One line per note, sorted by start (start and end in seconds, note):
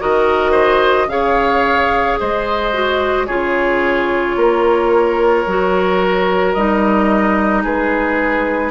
0.00 1.07 D#3
0.00 1.09 F#4
0.00 0.52 A#4
0.00 1.09 D#5
0.52 1.07 C5
1.07 2.16 C#3
1.07 2.72 G#4
1.07 2.20 C#5
1.07 2.18 F5
2.20 3.29 G#3
2.20 3.27 C5
2.20 3.27 D#5
2.73 3.28 F#4
3.27 4.36 C#3
3.27 5.47 F4
3.27 4.36 G#4
3.27 6.54 C#5
4.36 5.45 A#3
4.36 7.63 A#4
5.47 6.56 F#3
5.47 6.57 F#4
6.54 7.65 G3
6.54 8.72 D#4
6.54 7.63 D#5
7.63 8.72 G#3
7.63 8.72 G#4
7.63 8.72 B4